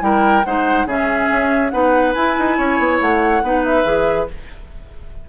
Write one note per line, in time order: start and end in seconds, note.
0.00 0.44 G3
0.00 0.43 E4
0.00 0.46 A#4
0.00 0.45 G5
0.45 0.86 G#3
0.45 0.88 D#4
0.45 0.87 C5
0.45 0.87 F#5
0.86 1.28 C#3
0.86 1.71 C#4
0.86 1.72 G#4
0.86 1.70 E5
1.32 1.73 C#4
1.70 2.15 B3
1.70 2.14 D#4
1.70 2.58 B4
1.70 2.13 F#5
2.14 2.37 E4
2.14 3.44 E4
2.14 2.99 G#5
2.39 2.59 D#4
2.58 2.79 C#4
2.58 3.43 C#5
2.79 3.00 B3
3.01 3.43 A3
3.01 3.64 F#5
3.43 3.84 B3
3.43 3.85 D#4
3.43 4.30 B4
3.64 4.28 E5
3.84 4.27 E3
3.84 4.27 G#4